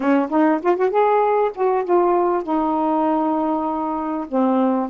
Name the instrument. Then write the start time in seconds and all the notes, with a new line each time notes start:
saxophone
0.00 C#4
0.29 D#4
0.62 F4
0.76 F#4
0.90 G#4
1.54 F#4
1.84 F4
2.43 D#4
4.28 C4